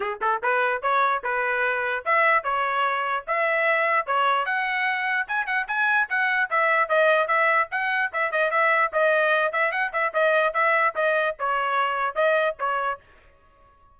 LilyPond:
\new Staff \with { instrumentName = "trumpet" } { \time 4/4 \tempo 4 = 148 gis'8 a'8 b'4 cis''4 b'4~ | b'4 e''4 cis''2 | e''2 cis''4 fis''4~ | fis''4 gis''8 fis''8 gis''4 fis''4 |
e''4 dis''4 e''4 fis''4 | e''8 dis''8 e''4 dis''4. e''8 | fis''8 e''8 dis''4 e''4 dis''4 | cis''2 dis''4 cis''4 | }